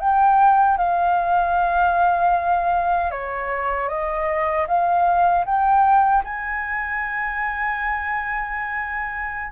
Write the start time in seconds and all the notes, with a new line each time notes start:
0.00 G5
0.78 F5
3.11 C#5
3.89 D#5
4.68 F5
5.46 G5
6.24 G#5